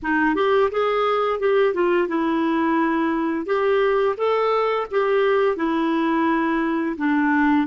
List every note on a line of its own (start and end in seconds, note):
0.02 0.35 D#4
0.35 0.70 G4
0.71 1.39 G#4
1.39 1.73 G4
1.73 2.08 F4
2.08 3.45 E4
3.45 4.15 G4
4.17 4.86 A4
4.91 5.56 G4
5.56 6.96 E4
6.97 7.66 D4